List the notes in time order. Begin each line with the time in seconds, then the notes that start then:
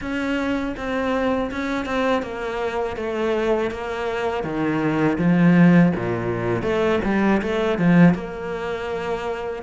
0.01 C#4
0.76 C4
1.51 C#4
1.85 C4
2.22 A#3
2.96 A3
3.70 A#3
4.43 D#3
5.18 F3
5.95 A#2
6.62 A3
7.04 G3
7.41 A3
7.78 F3
8.14 A#3